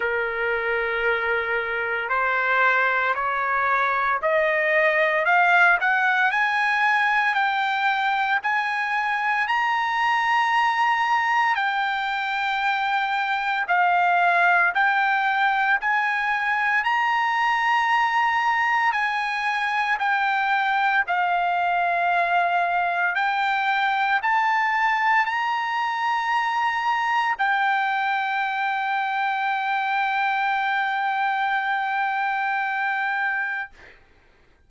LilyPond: \new Staff \with { instrumentName = "trumpet" } { \time 4/4 \tempo 4 = 57 ais'2 c''4 cis''4 | dis''4 f''8 fis''8 gis''4 g''4 | gis''4 ais''2 g''4~ | g''4 f''4 g''4 gis''4 |
ais''2 gis''4 g''4 | f''2 g''4 a''4 | ais''2 g''2~ | g''1 | }